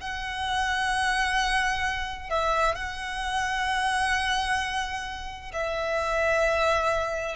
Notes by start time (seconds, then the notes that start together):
0.00 F#5
2.29 E5
2.75 F#5
5.53 E5